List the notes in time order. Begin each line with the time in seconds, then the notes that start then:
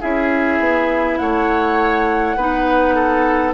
0.00 C#4 E4 G#4 E5
0.59 B3
1.17 A3 C#5 F#5
2.36 B3 D#4 B4
2.95 A4